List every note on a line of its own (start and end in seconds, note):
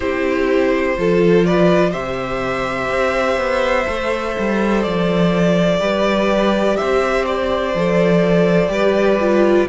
0.00 0.97 C4
0.00 0.97 E4
0.00 0.96 G4
0.00 1.45 C5
0.97 1.94 F3
0.97 1.91 F4
0.97 1.46 A4
1.45 1.90 B4
1.45 1.93 D5
1.90 2.89 C3
1.90 3.85 G4
1.90 5.77 C5
1.90 4.82 E5
2.89 3.37 C4
3.37 3.85 B3
3.86 4.35 A3
3.86 5.79 A4
4.38 4.85 G3
4.82 5.79 F3
4.82 6.76 D5
5.79 6.76 G3
5.79 7.72 G4
5.79 6.78 B4
6.76 7.74 C4
6.76 8.72 C5
6.76 7.24 E5
7.26 9.68 D5
7.74 8.68 F3
7.74 8.68 A4
8.68 9.65 G3
8.68 9.16 G4
8.68 9.68 B4
9.20 9.69 F4